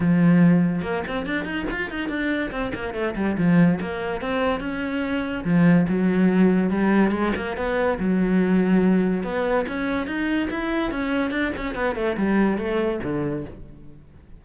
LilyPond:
\new Staff \with { instrumentName = "cello" } { \time 4/4 \tempo 4 = 143 f2 ais8 c'8 d'8 dis'8 | f'8 dis'8 d'4 c'8 ais8 a8 g8 | f4 ais4 c'4 cis'4~ | cis'4 f4 fis2 |
g4 gis8 ais8 b4 fis4~ | fis2 b4 cis'4 | dis'4 e'4 cis'4 d'8 cis'8 | b8 a8 g4 a4 d4 | }